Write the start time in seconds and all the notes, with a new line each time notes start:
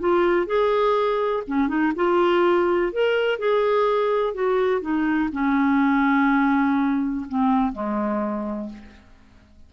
0.00 F4
0.47 G#4
1.48 C#4
1.68 D#4
1.96 F4
2.93 A#4
3.39 G#4
4.34 F#4
4.81 D#4
5.32 C#4
7.29 C4
7.73 G#3